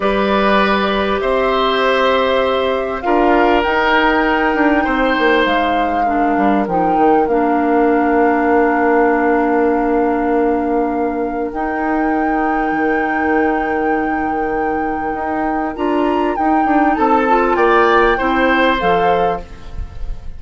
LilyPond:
<<
  \new Staff \with { instrumentName = "flute" } { \time 4/4 \tempo 4 = 99 d''2 e''2~ | e''4 f''4 g''2~ | g''4 f''2 g''4 | f''1~ |
f''2. g''4~ | g''1~ | g''2 ais''4 g''4 | a''4 g''2 f''4 | }
  \new Staff \with { instrumentName = "oboe" } { \time 4/4 b'2 c''2~ | c''4 ais'2. | c''2 ais'2~ | ais'1~ |
ais'1~ | ais'1~ | ais'1 | a'4 d''4 c''2 | }
  \new Staff \with { instrumentName = "clarinet" } { \time 4/4 g'1~ | g'4 f'4 dis'2~ | dis'2 d'4 dis'4 | d'1~ |
d'2. dis'4~ | dis'1~ | dis'2 f'4 dis'4~ | dis'8 f'4. e'4 a'4 | }
  \new Staff \with { instrumentName = "bassoon" } { \time 4/4 g2 c'2~ | c'4 d'4 dis'4. d'8 | c'8 ais8 gis4. g8 f8 dis8 | ais1~ |
ais2. dis'4~ | dis'4 dis2.~ | dis4 dis'4 d'4 dis'8 d'8 | c'4 ais4 c'4 f4 | }
>>